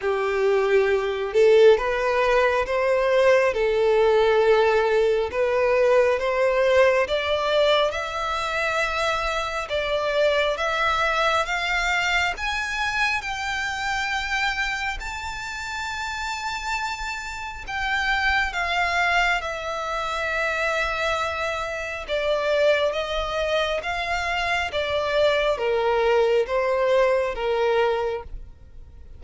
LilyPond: \new Staff \with { instrumentName = "violin" } { \time 4/4 \tempo 4 = 68 g'4. a'8 b'4 c''4 | a'2 b'4 c''4 | d''4 e''2 d''4 | e''4 f''4 gis''4 g''4~ |
g''4 a''2. | g''4 f''4 e''2~ | e''4 d''4 dis''4 f''4 | d''4 ais'4 c''4 ais'4 | }